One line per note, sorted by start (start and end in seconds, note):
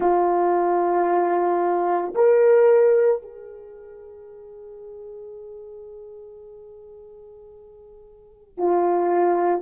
0.00 2.14 F4
2.14 3.21 A#4
3.21 8.57 G#4
8.57 9.62 F4